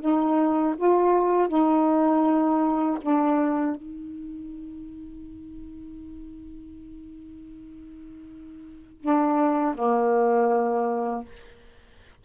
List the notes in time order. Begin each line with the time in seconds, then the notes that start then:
0.00 D#4
0.77 F4
1.48 D#4
3.01 D4
3.76 D#4
9.01 D4
9.74 A#3